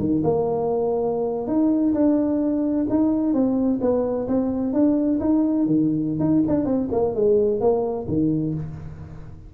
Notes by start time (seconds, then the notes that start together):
0.00 D#3
0.24 A#3
1.48 D#4
1.95 D4
2.90 D#4
3.34 C4
3.82 B3
4.28 C4
4.73 D4
5.21 D#4
5.66 D#3
6.20 D#4
6.48 D4
6.66 C4
6.92 A#3
7.15 G#3
7.61 A#3
8.09 D#3